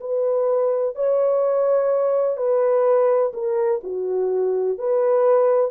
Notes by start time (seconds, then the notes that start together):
0.00 B4
0.95 C#5
2.37 B4
3.33 A#4
3.83 F#4
4.78 B4